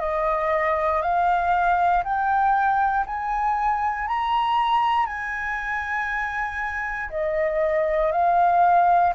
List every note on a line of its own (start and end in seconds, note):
0.00 1.02 D#5
1.02 2.03 F5
2.04 3.06 G5
3.06 4.08 G#5
4.08 5.06 A#5
5.06 7.10 G#5
7.10 8.12 D#5
8.12 9.13 F5